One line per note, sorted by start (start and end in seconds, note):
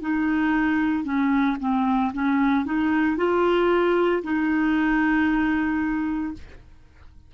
0.00 1.04 D#4
1.04 1.56 C#4
1.59 2.12 C4
2.13 2.65 C#4
2.65 3.17 D#4
3.17 4.22 F4
4.23 6.33 D#4